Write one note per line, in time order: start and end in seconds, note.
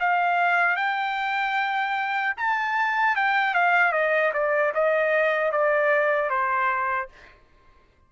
0.00 0.76 F5
0.76 2.34 G5
2.37 3.16 A5
3.16 3.54 G5
3.54 3.92 F5
3.92 4.32 D#5
4.33 4.73 D5
4.74 5.52 D#5
5.52 6.30 D5
6.30 7.09 C5